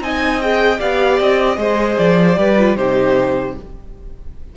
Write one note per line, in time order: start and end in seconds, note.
0.00 0.79 C4
0.00 0.41 D#4
0.00 0.79 D#5
0.00 0.41 G#5
0.41 0.79 G#4
0.41 0.80 G5
0.79 1.20 B3
0.79 1.56 G4
0.79 1.58 D5
0.79 1.19 F5
1.20 1.57 C4
1.20 1.98 D#5
1.56 1.97 G#3
1.56 2.35 G#4
1.56 2.38 C5
1.98 2.37 F3
1.98 2.76 D5
2.35 2.76 G3
2.35 2.55 G4
2.35 2.77 B4
2.58 2.77 F4
2.76 3.55 C3
2.76 3.56 D#4
2.76 3.56 G4
2.76 3.55 C5